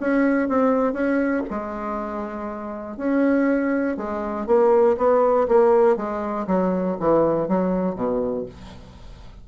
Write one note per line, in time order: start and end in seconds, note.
0.00 0.48 C#4
0.48 0.92 C4
0.92 1.42 C#4
1.50 2.97 G#3
2.97 3.97 C#4
3.97 4.46 G#3
4.46 4.96 A#3
4.97 5.47 B3
5.48 5.96 A#3
5.96 6.46 G#3
6.47 6.97 F#3
7.00 7.48 E3
7.48 7.95 F#3
7.95 8.45 B2